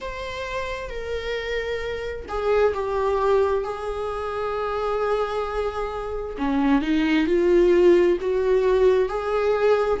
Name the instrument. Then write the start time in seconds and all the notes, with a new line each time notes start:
viola
0.00 C5
0.89 A#4
2.28 G#4
2.74 G4
3.64 G#4
6.38 C#4
6.81 D#4
7.26 F4
8.20 F#4
9.08 G#4